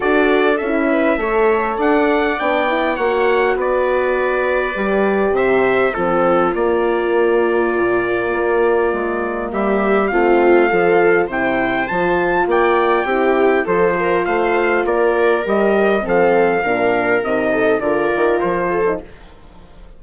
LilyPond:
<<
  \new Staff \with { instrumentName = "trumpet" } { \time 4/4 \tempo 4 = 101 d''4 e''2 fis''4 | g''4 fis''4 d''2~ | d''4 e''4 a'4 d''4~ | d''1 |
e''4 f''2 g''4 | a''4 g''2 c''4 | f''4 d''4 dis''4 f''4~ | f''4 dis''4 d''4 c''4 | }
  \new Staff \with { instrumentName = "viola" } { \time 4/4 a'4. b'8 cis''4 d''4~ | d''4 cis''4 b'2~ | b'4 c''4 f'2~ | f'1 |
g'4 f'4 a'4 c''4~ | c''4 d''4 g'4 a'8 ais'8 | c''4 ais'2 a'4 | ais'4. a'8 ais'4. a'8 | }
  \new Staff \with { instrumentName = "horn" } { \time 4/4 fis'4 e'4 a'2 | d'8 e'8 fis'2. | g'2 c'4 ais4~ | ais1~ |
ais4 c'4 f'4 e'4 | f'2 e'4 f'4~ | f'2 g'4 c'4 | d'4 dis'4 f'4.~ f'16 dis'16 | }
  \new Staff \with { instrumentName = "bassoon" } { \time 4/4 d'4 cis'4 a4 d'4 | b4 ais4 b2 | g4 c4 f4 ais4~ | ais4 ais,4 ais4 gis4 |
g4 a4 f4 c4 | f4 ais4 c'4 f4 | a4 ais4 g4 f4 | ais,4 c4 d8 dis8 f4 | }
>>